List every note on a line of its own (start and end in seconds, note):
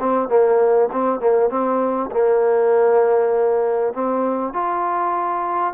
0.00 0.28 C4
0.28 0.89 A#3
0.92 1.20 C4
1.20 1.49 A#3
1.49 2.10 C4
2.12 3.93 A#3
3.93 4.53 C4
4.53 5.74 F4